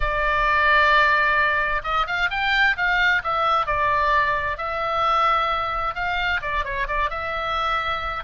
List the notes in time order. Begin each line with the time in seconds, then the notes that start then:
0.00 D5
1.83 D#5
2.07 F5
2.30 G5
2.76 F5
3.23 E5
3.66 D5
4.57 E5
5.95 F5
6.41 D5
6.64 C#5
6.87 D5
7.10 E5